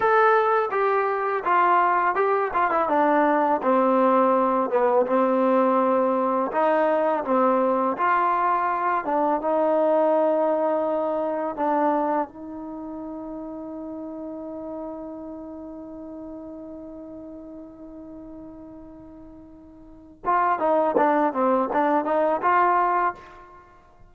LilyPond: \new Staff \with { instrumentName = "trombone" } { \time 4/4 \tempo 4 = 83 a'4 g'4 f'4 g'8 f'16 e'16 | d'4 c'4. b8 c'4~ | c'4 dis'4 c'4 f'4~ | f'8 d'8 dis'2. |
d'4 dis'2.~ | dis'1~ | dis'1 | f'8 dis'8 d'8 c'8 d'8 dis'8 f'4 | }